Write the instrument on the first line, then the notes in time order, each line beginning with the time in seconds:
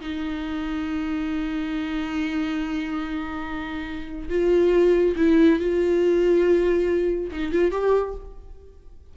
viola
0.00 D#4
4.29 F4
5.16 E4
5.59 F4
7.31 D#4
7.52 F4
7.71 G4